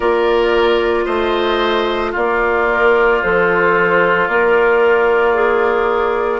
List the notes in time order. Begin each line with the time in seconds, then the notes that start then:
0.00 A#3 F4 A#4 D5
1.05 A3 C5 D#5
2.11 A#3 F4 D5
2.69 A#4
3.22 F3 A4 C5
4.27 A#3 A#4 D5
5.34 G#4